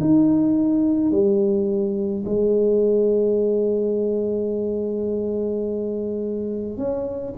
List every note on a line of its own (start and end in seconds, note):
0.00 1.11 D#4
1.11 2.24 G3
2.25 6.77 G#3
6.77 7.34 C#4